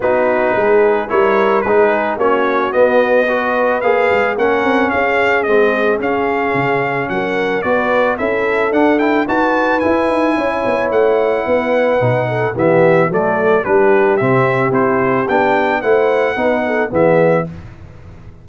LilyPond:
<<
  \new Staff \with { instrumentName = "trumpet" } { \time 4/4 \tempo 4 = 110 b'2 cis''4 b'4 | cis''4 dis''2 f''4 | fis''4 f''4 dis''4 f''4~ | f''4 fis''4 d''4 e''4 |
fis''8 g''8 a''4 gis''2 | fis''2. e''4 | d''4 b'4 e''4 c''4 | g''4 fis''2 e''4 | }
  \new Staff \with { instrumentName = "horn" } { \time 4/4 fis'4 gis'4 ais'4 gis'4 | fis'2 b'2 | ais'4 gis'2.~ | gis'4 ais'4 b'4 a'4~ |
a'4 b'2 cis''4~ | cis''4 b'4. a'8 g'4 | a'4 g'2.~ | g'4 c''4 b'8 a'8 gis'4 | }
  \new Staff \with { instrumentName = "trombone" } { \time 4/4 dis'2 e'4 dis'4 | cis'4 b4 fis'4 gis'4 | cis'2 c'4 cis'4~ | cis'2 fis'4 e'4 |
d'8 e'8 fis'4 e'2~ | e'2 dis'4 b4 | a4 d'4 c'4 e'4 | d'4 e'4 dis'4 b4 | }
  \new Staff \with { instrumentName = "tuba" } { \time 4/4 b4 gis4 g4 gis4 | ais4 b2 ais8 gis8 | ais8 c'8 cis'4 gis4 cis'4 | cis4 fis4 b4 cis'4 |
d'4 dis'4 e'8 dis'8 cis'8 b8 | a4 b4 b,4 e4 | fis4 g4 c4 c'4 | b4 a4 b4 e4 | }
>>